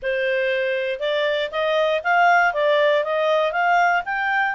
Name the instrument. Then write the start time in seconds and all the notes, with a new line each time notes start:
clarinet
0.02 C5
0.99 D5
1.51 D#5
2.03 F5
2.53 D5
3.04 D#5
3.52 F5
4.05 G5